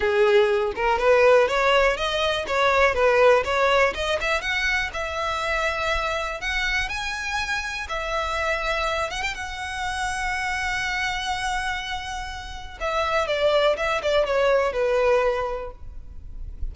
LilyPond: \new Staff \with { instrumentName = "violin" } { \time 4/4 \tempo 4 = 122 gis'4. ais'8 b'4 cis''4 | dis''4 cis''4 b'4 cis''4 | dis''8 e''8 fis''4 e''2~ | e''4 fis''4 gis''2 |
e''2~ e''8 fis''16 g''16 fis''4~ | fis''1~ | fis''2 e''4 d''4 | e''8 d''8 cis''4 b'2 | }